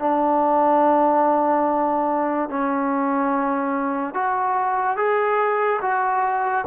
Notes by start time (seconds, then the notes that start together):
0.00 D4
2.50 C#4
4.14 F#4
4.97 G#4
5.82 F#4